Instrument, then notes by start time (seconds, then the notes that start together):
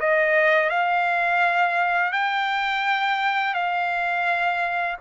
trumpet
0.00 D#5
0.70 F5
2.12 G5
3.54 F5